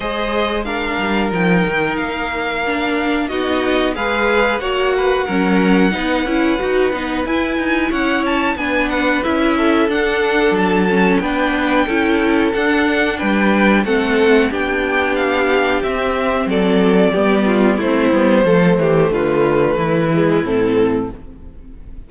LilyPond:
<<
  \new Staff \with { instrumentName = "violin" } { \time 4/4 \tempo 4 = 91 dis''4 f''4 g''4 f''4~ | f''4 dis''4 f''4 fis''4~ | fis''2. gis''4 | fis''8 a''8 gis''8 fis''8 e''4 fis''4 |
a''4 g''2 fis''4 | g''4 fis''4 g''4 f''4 | e''4 d''2 c''4~ | c''4 b'2 a'4 | }
  \new Staff \with { instrumentName = "violin" } { \time 4/4 c''4 ais'2.~ | ais'4 fis'4 b'4 cis''8 b'8 | ais'4 b'2. | cis''4 b'4. a'4.~ |
a'4 b'4 a'2 | b'4 a'4 g'2~ | g'4 a'4 g'8 f'8 e'4 | a'8 g'8 f'4 e'2 | }
  \new Staff \with { instrumentName = "viola" } { \time 4/4 gis'4 d'4 dis'2 | d'4 dis'4 gis'4 fis'4 | cis'4 dis'8 e'8 fis'8 dis'8 e'4~ | e'4 d'4 e'4 d'4~ |
d'8 cis'8 d'4 e'4 d'4~ | d'4 c'4 d'2 | c'2 b4 c'8 b8 | a2~ a8 gis8 c'4 | }
  \new Staff \with { instrumentName = "cello" } { \time 4/4 gis4. g8 f8 dis8 ais4~ | ais4 b4 gis4 ais4 | fis4 b8 cis'8 dis'8 b8 e'8 dis'8 | cis'4 b4 cis'4 d'4 |
fis4 b4 cis'4 d'4 | g4 a4 b2 | c'4 fis4 g4 a8 g8 | f8 e8 d4 e4 a,4 | }
>>